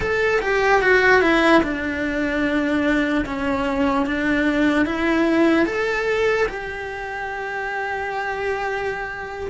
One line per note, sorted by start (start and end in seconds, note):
0.00 0.41 A4
0.41 0.81 G4
0.81 1.21 F#4
1.21 1.62 E4
1.62 3.24 D4
3.25 4.06 C#4
4.06 4.85 D4
4.85 5.65 E4
5.65 6.46 A4
6.48 9.50 G4